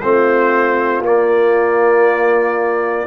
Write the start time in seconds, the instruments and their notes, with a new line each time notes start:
0.00 tuba A3, trombone C4, horn F4, trumpet C5
1.00 tuba A#3, trombone A#3, trumpet D5